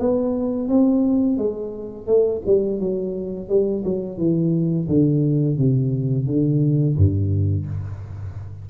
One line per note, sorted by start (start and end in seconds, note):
0.00 0.69 B3
0.69 1.38 C4
1.38 2.07 G#3
2.07 2.42 A3
2.46 2.80 G3
2.80 3.49 F#3
3.49 3.84 G3
3.85 4.18 F#3
4.18 4.88 E3
4.88 5.58 D3
5.58 6.27 C3
6.27 6.97 D3
6.97 7.67 G2